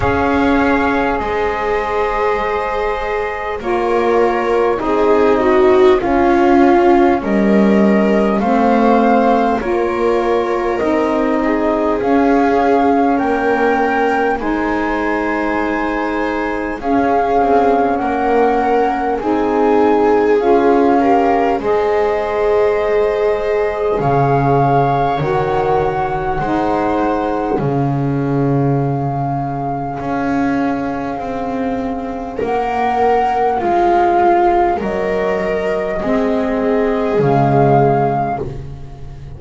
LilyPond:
<<
  \new Staff \with { instrumentName = "flute" } { \time 4/4 \tempo 4 = 50 f''4 dis''2 cis''4 | dis''4 f''4 dis''4 f''4 | cis''4 dis''4 f''4 g''4 | gis''2 f''4 fis''4 |
gis''4 f''4 dis''2 | f''4 fis''2 f''4~ | f''2. fis''4 | f''4 dis''2 f''4 | }
  \new Staff \with { instrumentName = "viola" } { \time 4/4 cis''4 c''2 ais'4 | gis'8 fis'8 f'4 ais'4 c''4 | ais'4. gis'4. ais'4 | c''2 gis'4 ais'4 |
gis'4. ais'8 c''2 | cis''2 c''4 gis'4~ | gis'2. ais'4 | f'4 ais'4 gis'2 | }
  \new Staff \with { instrumentName = "saxophone" } { \time 4/4 gis'2. f'4 | dis'4 cis'2 c'4 | f'4 dis'4 cis'2 | dis'2 cis'2 |
dis'4 f'8 g'8 gis'2~ | gis'4 fis'4 dis'4 cis'4~ | cis'1~ | cis'2 c'4 gis4 | }
  \new Staff \with { instrumentName = "double bass" } { \time 4/4 cis'4 gis2 ais4 | c'4 cis'4 g4 a4 | ais4 c'4 cis'4 ais4 | gis2 cis'8 c'8 ais4 |
c'4 cis'4 gis2 | cis4 dis4 gis4 cis4~ | cis4 cis'4 c'4 ais4 | gis4 fis4 gis4 cis4 | }
>>